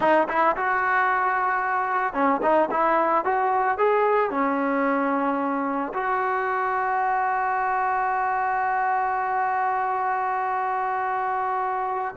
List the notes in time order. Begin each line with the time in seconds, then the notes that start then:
0.00 D#4
0.28 E4
0.56 F#4
2.13 C#4
2.42 D#4
2.70 E4
3.24 F#4
3.78 G#4
4.30 C#4
5.93 F#4